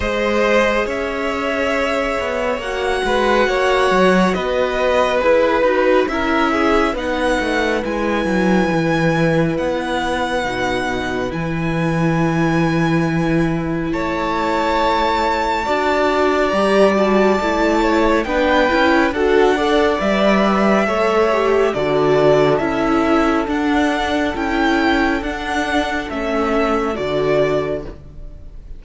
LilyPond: <<
  \new Staff \with { instrumentName = "violin" } { \time 4/4 \tempo 4 = 69 dis''4 e''2 fis''4~ | fis''4 dis''4 b'4 e''4 | fis''4 gis''2 fis''4~ | fis''4 gis''2. |
a''2. ais''8 a''8~ | a''4 g''4 fis''4 e''4~ | e''4 d''4 e''4 fis''4 | g''4 fis''4 e''4 d''4 | }
  \new Staff \with { instrumentName = "violin" } { \time 4/4 c''4 cis''2~ cis''8 b'8 | cis''4 b'2 ais'8 gis'8 | b'1~ | b'1 |
cis''2 d''2~ | d''8 cis''8 b'4 a'8 d''4. | cis''4 a'2.~ | a'1 | }
  \new Staff \with { instrumentName = "viola" } { \time 4/4 gis'2. fis'4~ | fis'2 gis'8 fis'8 e'4 | dis'4 e'2. | dis'4 e'2.~ |
e'2 fis'4 g'8 fis'8 | e'4 d'8 e'8 fis'8 a'8 b'4 | a'8 g'8 fis'4 e'4 d'4 | e'4 d'4 cis'4 fis'4 | }
  \new Staff \with { instrumentName = "cello" } { \time 4/4 gis4 cis'4. b8 ais8 gis8 | ais8 fis8 b4 e'8 dis'8 cis'4 | b8 a8 gis8 fis8 e4 b4 | b,4 e2. |
a2 d'4 g4 | a4 b8 cis'8 d'4 g4 | a4 d4 cis'4 d'4 | cis'4 d'4 a4 d4 | }
>>